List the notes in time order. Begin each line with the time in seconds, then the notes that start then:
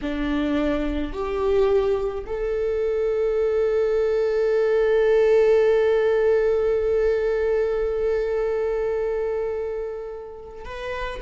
0.01 D4
1.12 G4
2.26 A4
10.64 B4